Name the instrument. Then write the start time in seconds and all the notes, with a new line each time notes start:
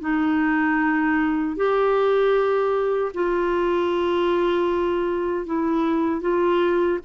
clarinet
0.00 D#4
1.56 G4
3.14 F4
5.46 E4
6.21 F4